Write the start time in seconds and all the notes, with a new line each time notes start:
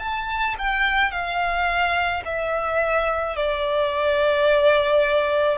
0.00 A5
0.59 G5
1.12 F5
2.25 E5
3.36 D5